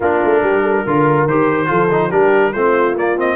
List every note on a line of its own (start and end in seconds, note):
0.00 0.21 A#3
0.00 0.86 D4
0.00 0.42 F4
0.00 1.27 A#4
0.24 0.42 A3
0.42 0.84 G3
0.42 0.62 G4
0.62 0.83 A4
0.84 1.25 D3
0.84 1.29 F4
0.84 1.68 A#4
1.25 1.68 D#3
1.25 1.66 G4
1.25 2.11 C5
1.66 2.12 F3
1.66 1.87 F4
1.66 2.08 A4
1.91 2.10 D#4
2.08 2.54 G3
2.08 2.52 D4
2.08 2.50 G4
2.08 2.52 A#4
2.52 2.96 A3
2.52 2.96 C4
2.52 3.36 F4
2.52 2.95 C5
2.96 3.36 A#3
2.96 3.17 A#3
2.96 3.19 D5
3.17 3.36 C4
3.17 3.36 D#5